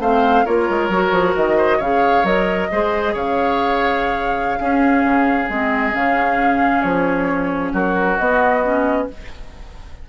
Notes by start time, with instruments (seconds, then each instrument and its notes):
0.00 bassoon A3, clarinet C4, oboe C5, flute F5
0.46 bassoon A#3, clarinet F4, oboe A#4, flute C#5
0.70 bassoon G#3
0.89 bassoon F#3, clarinet F#4
1.12 bassoon F3
1.37 bassoon D#3, flute D#5
1.57 oboe C5
1.78 bassoon C#3, clarinet G#4, oboe C#5, flute F5
2.24 bassoon F#3, clarinet A#4, flute D#5
2.72 bassoon G#3, clarinet G#4, oboe C5
3.14 bassoon C#3, oboe C#5, flute F5
4.58 clarinet C#4, bassoon C#4, oboe G#4
5.05 bassoon C#3
5.50 bassoon G#3, clarinet C4, flute D#5
5.93 bassoon C#3, clarinet C#4, flute F5
6.82 bassoon F3, flute C#5
7.73 bassoon F#3, oboe F#4, flute A#4
8.18 clarinet B3, bassoon B3, flute D#5
8.64 clarinet C#4